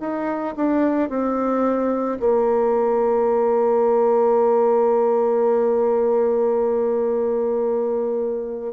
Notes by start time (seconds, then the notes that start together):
0.00 D#4
0.57 D4
1.10 C4
2.20 A#3